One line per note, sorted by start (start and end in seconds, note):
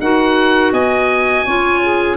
0.00 0.72 D#4
0.00 1.47 F#4
0.00 0.73 A#4
0.00 0.73 F#5
0.72 1.45 B3
0.72 1.45 D#5
0.72 2.17 G#5
1.45 2.17 C#4
1.45 2.17 F4
1.45 1.81 C#5
1.83 2.17 G#4